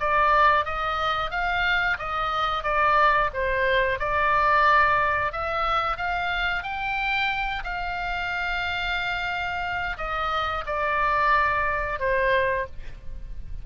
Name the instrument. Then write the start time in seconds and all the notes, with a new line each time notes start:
oboe
0.00 D5
0.65 D#5
1.31 F5
1.99 D#5
2.63 D5
3.33 C5
3.99 D5
5.32 E5
5.97 F5
6.63 G5
7.64 F5
9.98 D#5
10.66 D5
12.00 C5